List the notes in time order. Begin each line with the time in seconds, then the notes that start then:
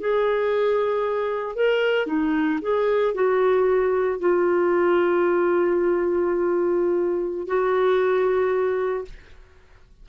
0.00 G#4
1.55 A#4
2.06 D#4
2.61 G#4
3.14 F#4
4.20 F4
7.47 F#4